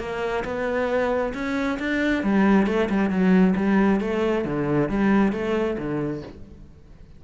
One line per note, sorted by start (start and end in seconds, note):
0.00 0.44 A#3
0.45 1.34 B3
1.34 1.79 C#4
1.80 2.23 D4
2.23 2.67 G3
2.67 2.89 A3
2.90 3.11 G3
3.11 3.55 F#3
3.56 4.01 G3
4.01 4.45 A3
4.45 4.89 D3
4.89 5.33 G3
5.33 5.77 A3
5.78 6.23 D3